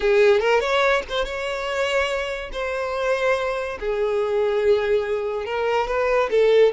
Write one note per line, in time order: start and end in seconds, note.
0.00 0.39 G#4
0.39 0.60 A#4
0.60 1.02 C#5
1.09 1.24 C5
1.24 2.50 C#5
2.52 3.78 C5
3.80 5.45 G#4
5.45 5.87 A#4
5.87 6.29 B4
6.30 6.72 A4